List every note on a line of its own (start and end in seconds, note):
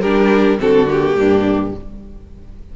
0.00 0.59 G3
0.00 0.58 D4
0.00 0.57 G4
0.00 0.58 A#4
0.58 1.15 D3
0.58 0.86 C4
0.58 1.17 F#4
0.58 0.89 A4
0.86 1.71 A#3
0.86 1.76 G4
1.15 1.71 G2
1.15 1.75 D4